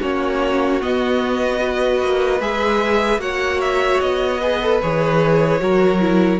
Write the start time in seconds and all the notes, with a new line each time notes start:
0.00 A#3 C#4 F#4 C#5
0.80 B3 D#5
1.59 F#4 B4
2.01 A#3
2.40 G#3 G#4 E5
3.18 A#3 F#4 C#5 F#5
3.60 E5
4.00 B3 D#5
4.40 G#4 B4
4.62 A4
4.81 E3 G#4 C#5
5.59 F#3 F#4 A#4
6.00 E4